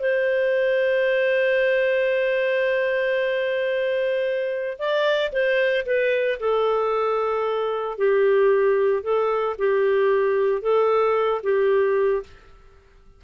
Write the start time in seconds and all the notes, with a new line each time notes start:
0.00 C5
4.79 D5
5.32 C5
5.86 B4
6.40 A4
7.98 G4
9.03 A4
9.59 G4
10.62 A4
11.43 G4